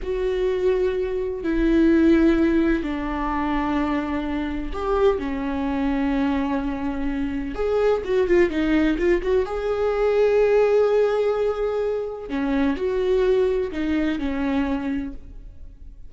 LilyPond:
\new Staff \with { instrumentName = "viola" } { \time 4/4 \tempo 4 = 127 fis'2. e'4~ | e'2 d'2~ | d'2 g'4 cis'4~ | cis'1 |
gis'4 fis'8 f'8 dis'4 f'8 fis'8 | gis'1~ | gis'2 cis'4 fis'4~ | fis'4 dis'4 cis'2 | }